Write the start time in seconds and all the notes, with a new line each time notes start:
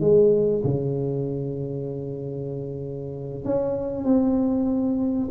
0.00 G#3
0.64 C#3
3.45 C#4
4.04 C4